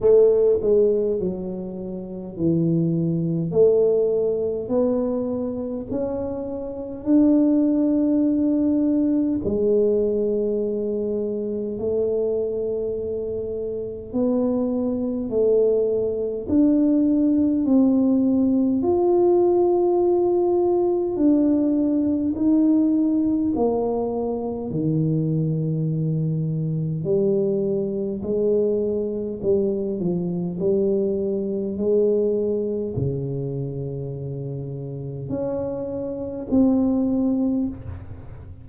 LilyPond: \new Staff \with { instrumentName = "tuba" } { \time 4/4 \tempo 4 = 51 a8 gis8 fis4 e4 a4 | b4 cis'4 d'2 | gis2 a2 | b4 a4 d'4 c'4 |
f'2 d'4 dis'4 | ais4 dis2 g4 | gis4 g8 f8 g4 gis4 | cis2 cis'4 c'4 | }